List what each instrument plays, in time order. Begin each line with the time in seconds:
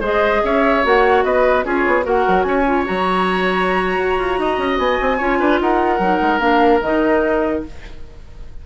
0.00 bassoon G#3, clarinet G#4, oboe C5, flute D#5
0.43 bassoon C#4, oboe C#5, flute E5
0.83 bassoon A#3, clarinet F#4, flute F#5
1.23 bassoon B3, oboe B4, flute D#5
1.63 bassoon C#4, clarinet F4, oboe G#4, flute C#5
1.86 bassoon B3
2.02 bassoon A#3, clarinet F#4, oboe A#4, flute F#5
2.27 bassoon F#3
2.42 bassoon C#4, oboe C#5, flute G#5
2.66 clarinet F4
2.85 bassoon F#3, clarinet F#4, flute A#5
3.98 bassoon F#4
4.17 bassoon F4
4.38 bassoon D#4, oboe D#5
4.57 bassoon C#4
4.78 bassoon B3, flute G#5
5.01 bassoon C4
5.17 bassoon C#4, clarinet F4, oboe C#5
5.39 bassoon D4, oboe B4
5.60 bassoon D#4, oboe A#4, flute F#5
5.98 bassoon F#3, clarinet D#4
6.21 bassoon G#3
6.39 bassoon A#3, clarinet D4, flute F5
6.81 bassoon D#3, clarinet D#4, flute D#5